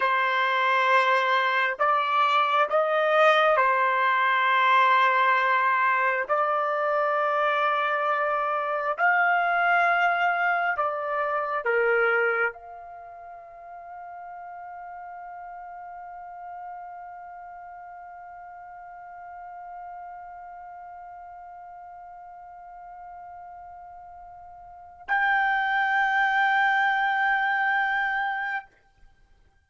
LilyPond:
\new Staff \with { instrumentName = "trumpet" } { \time 4/4 \tempo 4 = 67 c''2 d''4 dis''4 | c''2. d''4~ | d''2 f''2 | d''4 ais'4 f''2~ |
f''1~ | f''1~ | f''1 | g''1 | }